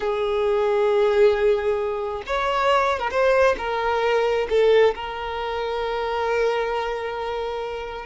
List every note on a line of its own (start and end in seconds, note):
0.00 2.23 G#4
2.26 2.99 C#5
2.99 3.10 A#4
3.10 3.55 C5
3.58 4.47 A#4
4.49 4.94 A4
4.95 8.05 A#4